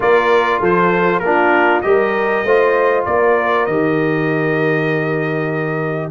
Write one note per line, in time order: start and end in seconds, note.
0.00 0.60 A#3
0.00 1.22 F4
0.00 0.60 A#4
0.00 0.62 D5
0.60 1.20 F3
0.60 1.21 A4
0.60 1.19 C5
1.19 1.81 A#3
1.19 1.83 D4
1.19 1.85 F4
1.19 1.80 A#4
1.81 2.44 G3
1.81 2.44 G4
1.81 2.45 A#4
1.81 3.04 D#5
2.44 3.05 A3
2.44 3.68 F4
2.44 3.06 C5
3.05 3.67 A#3
3.05 6.11 A#4
3.05 3.66 D5
3.66 6.11 D#3
3.66 6.11 G4
3.66 6.10 D#5